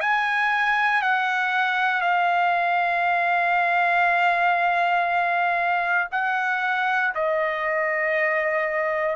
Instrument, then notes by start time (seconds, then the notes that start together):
trumpet
0.00 G#5
1.02 F#5
2.01 F5
6.11 F#5
7.14 D#5